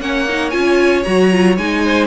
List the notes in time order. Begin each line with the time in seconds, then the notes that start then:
0.00 A#3 C#4 C#5 F#5
0.28 D#4
0.49 C#4 F4 G#5
1.03 F#3 F#4 A#5
1.31 F4
1.57 G#3 D#4 G#5
1.84 C5